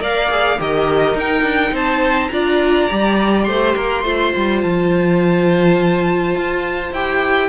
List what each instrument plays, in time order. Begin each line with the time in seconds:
0.00 cello A#3, viola A#4, violin D5 F5
0.29 viola G#4
0.58 cello D#3, viola G4, violin A#4 D#5
1.15 cello D#4, viola D#4, violin G5
1.43 cello D4
1.72 cello C4, violin C5 A5
2.29 cello D4, viola F4, violin D5 A#5
2.90 cello G3, viola G4
3.44 cello A3, violin C5 C6
3.75 cello A#3, violin A#4
4.03 cello A3, viola F4, violin C5
4.36 cello G3
4.62 cello F3, violin A5
6.35 cello F4
6.92 cello E4, viola G4, violin G5